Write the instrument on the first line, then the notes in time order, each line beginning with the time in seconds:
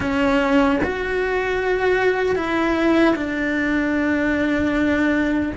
cello
0.00 C#4
0.83 F#4
2.35 E4
3.15 D4